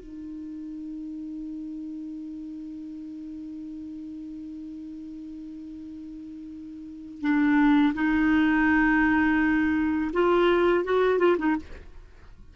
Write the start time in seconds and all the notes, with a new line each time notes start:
0.00 D#4
7.21 D4
7.94 D#4
10.13 F4
10.84 F#4
11.19 F4
11.38 D#4